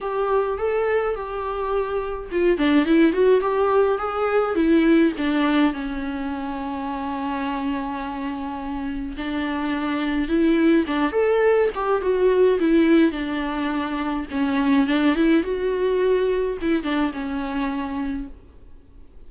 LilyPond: \new Staff \with { instrumentName = "viola" } { \time 4/4 \tempo 4 = 105 g'4 a'4 g'2 | f'8 d'8 e'8 fis'8 g'4 gis'4 | e'4 d'4 cis'2~ | cis'1 |
d'2 e'4 d'8 a'8~ | a'8 g'8 fis'4 e'4 d'4~ | d'4 cis'4 d'8 e'8 fis'4~ | fis'4 e'8 d'8 cis'2 | }